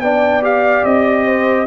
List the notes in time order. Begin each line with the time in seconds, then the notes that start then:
0.00 B3 D4 D5 G5
0.42 G4 F5
0.85 C4 D#5
1.26 C5